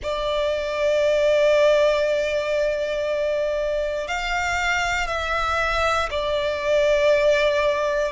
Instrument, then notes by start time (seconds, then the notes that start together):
violin
0.02 D5
4.07 F5
5.07 E5
6.10 D5